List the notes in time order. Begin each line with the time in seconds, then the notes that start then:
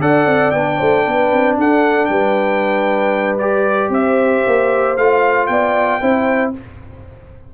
0.00 D4 A4 D5 F#5
0.26 C4
0.51 B3 D4 G5
0.78 A3 C5
1.06 B3 B4
1.33 C4
1.58 D4 A4 F#5
2.06 G3 B4 G5
3.38 G4 D5
3.90 C4 C5 E5
4.47 A#3
4.97 A3 F4 F5
5.47 B3 D5 G5
6.01 C4 E4 C5